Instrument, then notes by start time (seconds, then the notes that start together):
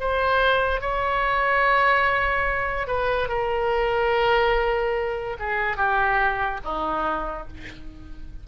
oboe
0.00 C5
0.81 C#5
2.87 B4
3.28 A#4
5.39 G#4
5.77 G4
6.64 D#4